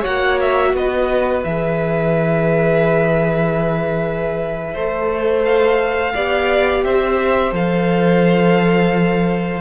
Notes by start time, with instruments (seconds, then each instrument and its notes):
0.00 cello A#3, viola F#4, violin C#5 F#5
0.40 violin E5
0.73 cello B3, violin B4 D#5
1.44 cello E3, viola G#4, violin E5
4.73 cello A3, viola A4, violin C5
5.44 violin F5
6.14 cello B3, viola G4, violin D5
6.84 cello C4, violin C5 E5
7.52 cello F3, viola A4, violin F5